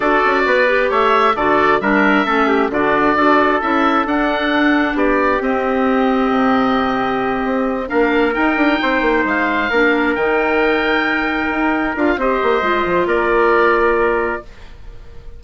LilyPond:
<<
  \new Staff \with { instrumentName = "oboe" } { \time 4/4 \tempo 4 = 133 d''2 e''4 d''4 | e''2 d''2 | e''4 fis''2 d''4 | dis''1~ |
dis''4. f''4 g''4.~ | g''8 f''2 g''4.~ | g''2~ g''8 f''8 dis''4~ | dis''4 d''2. | }
  \new Staff \with { instrumentName = "trumpet" } { \time 4/4 a'4 b'4 cis''4 a'4 | ais'4 a'8 g'8 fis'4 a'4~ | a'2. g'4~ | g'1~ |
g'4. ais'2 c''8~ | c''4. ais'2~ ais'8~ | ais'2. c''4~ | c''4 ais'2. | }
  \new Staff \with { instrumentName = "clarinet" } { \time 4/4 fis'4. g'4. fis'4 | d'4 cis'4 d'4 fis'4 | e'4 d'2. | c'1~ |
c'4. d'4 dis'4.~ | dis'4. d'4 dis'4.~ | dis'2~ dis'8 f'8 g'4 | f'1 | }
  \new Staff \with { instrumentName = "bassoon" } { \time 4/4 d'8 cis'8 b4 a4 d4 | g4 a4 d4 d'4 | cis'4 d'2 b4 | c'2 c2~ |
c8 c'4 ais4 dis'8 d'8 c'8 | ais8 gis4 ais4 dis4.~ | dis4. dis'4 d'8 c'8 ais8 | gis8 f8 ais2. | }
>>